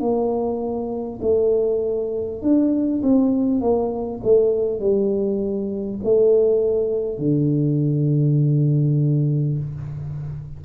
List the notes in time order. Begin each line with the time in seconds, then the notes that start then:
0.00 A#3
1.22 A3
2.42 D4
3.03 C4
3.61 A#3
4.24 A3
4.80 G3
6.04 A3
7.18 D3